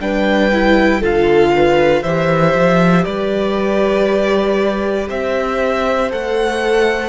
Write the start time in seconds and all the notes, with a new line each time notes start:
0.00 G3 D4 B4 G5
0.53 E4
1.00 D3 F4 A4 F5
1.56 B4
2.03 E3 G4 C5 E5
2.54 F3
3.04 G3 B4 D5
5.09 C4 C5 E5
6.11 A3 A4 F#5